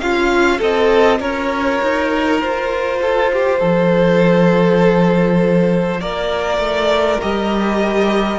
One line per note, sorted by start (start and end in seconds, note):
0.00 0.60 C#4
0.00 7.21 F4
0.00 0.59 F4
0.00 0.60 F5
0.59 1.20 C4
0.59 1.19 A4
0.59 1.21 D#5
1.20 1.80 C#4
1.20 3.00 A#4
1.20 2.41 C#5
1.82 2.42 D#4
2.41 3.61 F4
2.41 6.00 C5
3.02 3.32 A4
3.33 3.59 G4
3.59 6.00 F3
3.59 5.99 A4
6.00 6.58 A#3
6.00 8.39 A#4
6.00 7.21 D5
6.58 7.18 A3
7.21 8.39 G3
7.21 8.39 G4
7.21 8.39 D#5